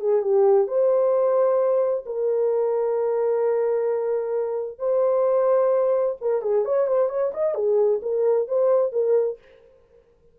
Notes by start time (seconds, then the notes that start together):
0.00 G#4
0.22 G4
0.67 C5
2.06 A#4
4.78 C5
6.21 A#4
6.42 G#4
6.65 C#5
6.87 C5
7.09 C#5
7.34 D#5
7.54 G#4
8.02 A#4
8.48 C5
8.92 A#4